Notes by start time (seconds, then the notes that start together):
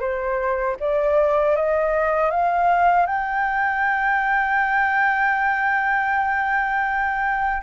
0.00 C5
0.80 D5
1.56 D#5
2.30 F5
3.06 G5